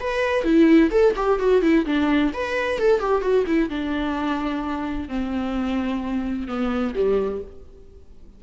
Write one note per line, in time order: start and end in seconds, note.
0.00 0.44 B4
0.44 0.91 E4
0.91 1.14 A4
1.16 1.39 G4
1.39 1.62 F#4
1.62 1.85 E4
1.86 2.32 D4
2.34 2.79 B4
2.79 3.00 A4
3.00 3.22 G4
3.22 3.45 F#4
3.47 3.70 E4
3.70 5.08 D4
5.08 6.48 C4
6.48 6.94 B3
6.95 7.41 G3